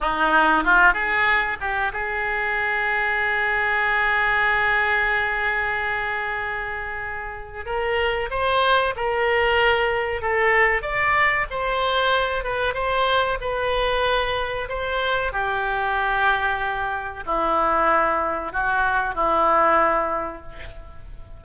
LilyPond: \new Staff \with { instrumentName = "oboe" } { \time 4/4 \tempo 4 = 94 dis'4 f'8 gis'4 g'8 gis'4~ | gis'1~ | gis'1 | ais'4 c''4 ais'2 |
a'4 d''4 c''4. b'8 | c''4 b'2 c''4 | g'2. e'4~ | e'4 fis'4 e'2 | }